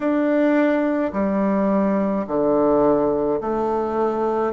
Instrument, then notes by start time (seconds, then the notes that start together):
bassoon
0.00 D4
1.13 G3
2.27 D3
3.40 A3